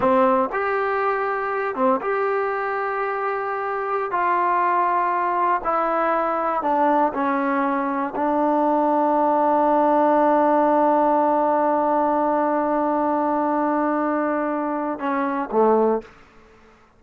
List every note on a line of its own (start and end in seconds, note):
0.00 0.49 C4
0.52 1.75 G4
1.75 2.00 C4
2.01 4.11 G4
4.11 5.61 F4
5.63 6.62 E4
6.62 7.12 D4
7.13 8.13 C#4
8.15 14.99 D4
14.99 15.49 C#4
15.51 16.01 A3